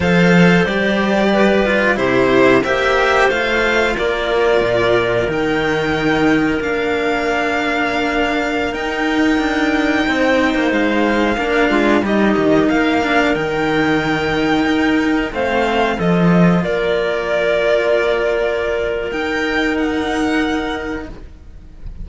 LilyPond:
<<
  \new Staff \with { instrumentName = "violin" } { \time 4/4 \tempo 4 = 91 f''4 d''2 c''4 | e''4 f''4 d''2 | g''2 f''2~ | f''4~ f''16 g''2~ g''8.~ |
g''16 f''2 dis''4 f''8.~ | f''16 g''2. f''8.~ | f''16 dis''4 d''2~ d''8.~ | d''4 g''4 fis''2 | }
  \new Staff \with { instrumentName = "clarinet" } { \time 4/4 c''2 b'4 g'4 | c''2 ais'2~ | ais'1~ | ais'2.~ ais'16 c''8.~ |
c''4~ c''16 ais'8 f'8 g'4 ais'8.~ | ais'2.~ ais'16 c''8.~ | c''16 a'4 ais'2~ ais'8.~ | ais'1 | }
  \new Staff \with { instrumentName = "cello" } { \time 4/4 a'4 g'4. f'8 e'4 | g'4 f'2. | dis'2 d'2~ | d'4~ d'16 dis'2~ dis'8.~ |
dis'4~ dis'16 d'4 dis'4. d'16~ | d'16 dis'2. c'8.~ | c'16 f'2.~ f'8.~ | f'4 dis'2. | }
  \new Staff \with { instrumentName = "cello" } { \time 4/4 f4 g2 c4 | ais4 a4 ais4 ais,4 | dis2 ais2~ | ais4~ ais16 dis'4 d'4 c'8. |
ais16 gis4 ais8 gis8 g8 dis8 ais8.~ | ais16 dis2 dis'4 a8.~ | a16 f4 ais2~ ais8.~ | ais4 dis'2. | }
>>